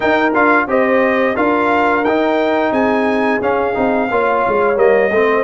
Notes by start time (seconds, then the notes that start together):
0.00 D#4 A#4 G5
0.34 D4 F4 F5
0.66 C4 G4 C5 D#5
1.35 D4 F4 A#4 F5
2.04 D#4 G5
2.71 C4 G#4 G#5
3.41 C#4 F5
3.74 C4 D#4
4.10 A#3 F4 C#5
4.47 G#3
4.75 G3 A#3 D#5
5.10 A3 C4 C5